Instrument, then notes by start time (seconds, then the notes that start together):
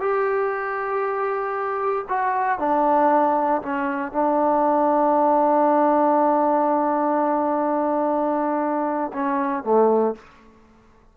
trombone
0.00 G4
2.09 F#4
2.59 D4
3.62 C#4
4.12 D4
9.13 C#4
9.64 A3